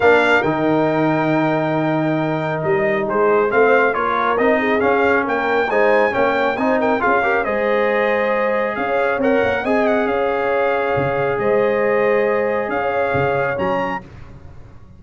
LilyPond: <<
  \new Staff \with { instrumentName = "trumpet" } { \time 4/4 \tempo 4 = 137 f''4 g''2.~ | g''2 dis''4 c''4 | f''4 cis''4 dis''4 f''4 | g''4 gis''4 g''4 gis''8 g''8 |
f''4 dis''2. | f''4 fis''4 gis''8 fis''8 f''4~ | f''2 dis''2~ | dis''4 f''2 ais''4 | }
  \new Staff \with { instrumentName = "horn" } { \time 4/4 ais'1~ | ais'2. gis'4 | c''4 ais'4. gis'4. | ais'4 c''4 cis''4 c''8 ais'8 |
gis'8 ais'8 c''2. | cis''2 dis''4 cis''4~ | cis''2 c''2~ | c''4 cis''2. | }
  \new Staff \with { instrumentName = "trombone" } { \time 4/4 d'4 dis'2.~ | dis'1 | c'4 f'4 dis'4 cis'4~ | cis'4 dis'4 cis'4 dis'4 |
f'8 g'8 gis'2.~ | gis'4 ais'4 gis'2~ | gis'1~ | gis'2. cis'4 | }
  \new Staff \with { instrumentName = "tuba" } { \time 4/4 ais4 dis2.~ | dis2 g4 gis4 | a4 ais4 c'4 cis'4 | ais4 gis4 ais4 c'4 |
cis'4 gis2. | cis'4 c'8 ais8 c'4 cis'4~ | cis'4 cis4 gis2~ | gis4 cis'4 cis4 fis4 | }
>>